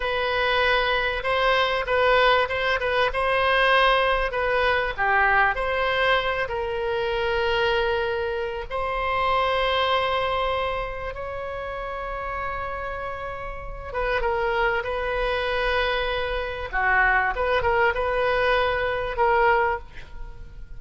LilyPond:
\new Staff \with { instrumentName = "oboe" } { \time 4/4 \tempo 4 = 97 b'2 c''4 b'4 | c''8 b'8 c''2 b'4 | g'4 c''4. ais'4.~ | ais'2 c''2~ |
c''2 cis''2~ | cis''2~ cis''8 b'8 ais'4 | b'2. fis'4 | b'8 ais'8 b'2 ais'4 | }